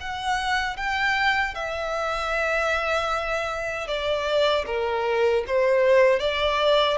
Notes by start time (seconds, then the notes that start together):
0.00 F#5
0.76 G5
1.54 E5
3.87 D5
4.66 A#4
5.47 C5
6.19 D5